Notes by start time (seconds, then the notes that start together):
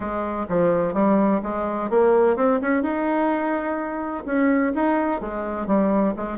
0.00 G#3
0.48 F3
0.93 G3
1.42 G#3
1.89 A#3
2.36 C4
2.61 C#4
2.82 D#4
4.25 C#4
4.74 D#4
5.20 G#3
5.66 G3
6.16 G#3